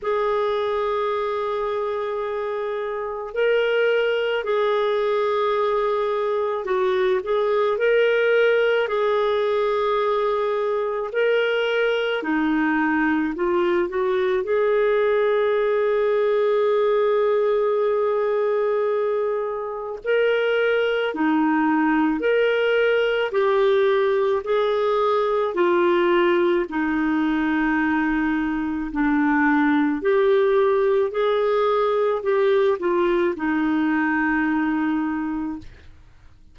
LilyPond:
\new Staff \with { instrumentName = "clarinet" } { \time 4/4 \tempo 4 = 54 gis'2. ais'4 | gis'2 fis'8 gis'8 ais'4 | gis'2 ais'4 dis'4 | f'8 fis'8 gis'2.~ |
gis'2 ais'4 dis'4 | ais'4 g'4 gis'4 f'4 | dis'2 d'4 g'4 | gis'4 g'8 f'8 dis'2 | }